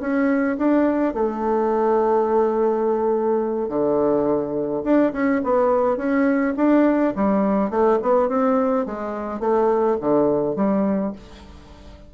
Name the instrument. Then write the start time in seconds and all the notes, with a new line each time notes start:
bassoon
0.00 C#4
0.58 D4
1.14 A3
3.69 D3
4.84 D4
5.13 C#4
5.44 B3
5.97 C#4
6.57 D4
7.16 G3
7.70 A3
8.02 B3
8.29 C4
8.86 G#3
9.40 A3
10.01 D3
10.56 G3